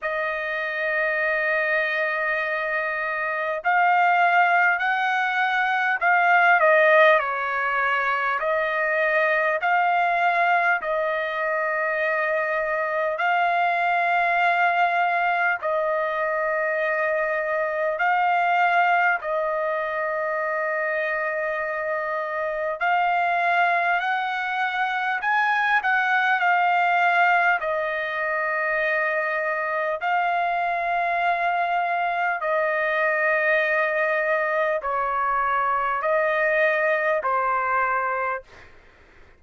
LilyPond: \new Staff \with { instrumentName = "trumpet" } { \time 4/4 \tempo 4 = 50 dis''2. f''4 | fis''4 f''8 dis''8 cis''4 dis''4 | f''4 dis''2 f''4~ | f''4 dis''2 f''4 |
dis''2. f''4 | fis''4 gis''8 fis''8 f''4 dis''4~ | dis''4 f''2 dis''4~ | dis''4 cis''4 dis''4 c''4 | }